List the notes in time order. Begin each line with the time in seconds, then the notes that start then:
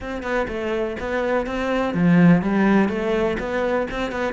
0.00 C4
0.22 B3
0.48 A3
0.99 B3
1.46 C4
1.94 F3
2.41 G3
2.88 A3
3.39 B3
3.90 C4
4.11 B3